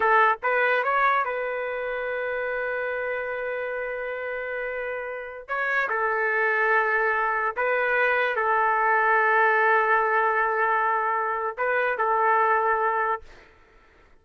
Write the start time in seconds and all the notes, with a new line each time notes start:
0.00 A4
0.42 B4
0.83 C#5
1.24 B4
5.47 C#5
5.89 A4
7.56 B4
8.36 A4
11.57 B4
11.98 A4